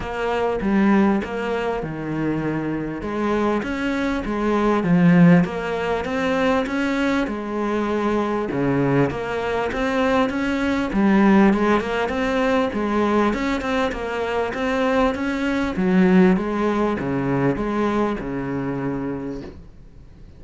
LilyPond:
\new Staff \with { instrumentName = "cello" } { \time 4/4 \tempo 4 = 99 ais4 g4 ais4 dis4~ | dis4 gis4 cis'4 gis4 | f4 ais4 c'4 cis'4 | gis2 cis4 ais4 |
c'4 cis'4 g4 gis8 ais8 | c'4 gis4 cis'8 c'8 ais4 | c'4 cis'4 fis4 gis4 | cis4 gis4 cis2 | }